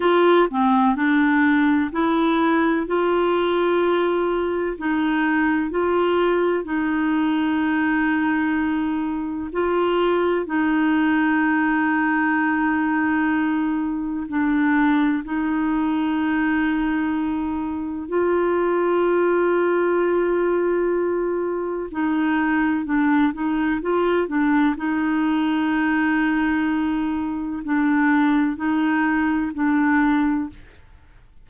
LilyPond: \new Staff \with { instrumentName = "clarinet" } { \time 4/4 \tempo 4 = 63 f'8 c'8 d'4 e'4 f'4~ | f'4 dis'4 f'4 dis'4~ | dis'2 f'4 dis'4~ | dis'2. d'4 |
dis'2. f'4~ | f'2. dis'4 | d'8 dis'8 f'8 d'8 dis'2~ | dis'4 d'4 dis'4 d'4 | }